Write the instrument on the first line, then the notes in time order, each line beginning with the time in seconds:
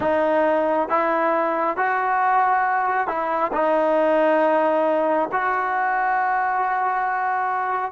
trombone
0.00 D#4
0.88 E4
1.76 F#4
3.07 E4
3.53 D#4
5.31 F#4